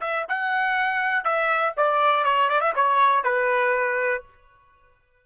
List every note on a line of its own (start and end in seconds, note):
0.00 0.25 E5
0.28 1.24 F#5
1.24 1.74 E5
1.76 2.24 D5
2.24 2.49 C#5
2.49 2.60 D5
2.60 2.73 E5
2.75 3.24 C#5
3.24 4.23 B4